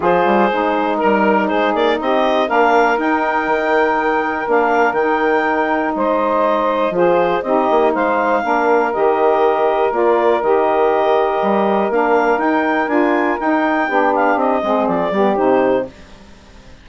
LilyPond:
<<
  \new Staff \with { instrumentName = "clarinet" } { \time 4/4 \tempo 4 = 121 c''2 ais'4 c''8 d''8 | dis''4 f''4 g''2~ | g''4 f''4 g''2 | dis''2 c''4 dis''4 |
f''2 dis''2 | d''4 dis''2. | f''4 g''4 gis''4 g''4~ | g''8 f''8 dis''4 d''4 c''4 | }
  \new Staff \with { instrumentName = "saxophone" } { \time 4/4 gis'2 ais'4 gis'4 | g'4 ais'2.~ | ais'1 | c''2 gis'4 g'4 |
c''4 ais'2.~ | ais'1~ | ais'1 | g'4. gis'4 g'4. | }
  \new Staff \with { instrumentName = "saxophone" } { \time 4/4 f'4 dis'2.~ | dis'4 d'4 dis'2~ | dis'4 d'4 dis'2~ | dis'2 f'4 dis'4~ |
dis'4 d'4 g'2 | f'4 g'2. | d'4 dis'4 f'4 dis'4 | d'4. c'4 b8 dis'4 | }
  \new Staff \with { instrumentName = "bassoon" } { \time 4/4 f8 g8 gis4 g4 gis8 ais8 | c'4 ais4 dis'4 dis4~ | dis4 ais4 dis2 | gis2 f4 c'8 ais8 |
gis4 ais4 dis2 | ais4 dis2 g4 | ais4 dis'4 d'4 dis'4 | b4 c'8 gis8 f8 g8 c4 | }
>>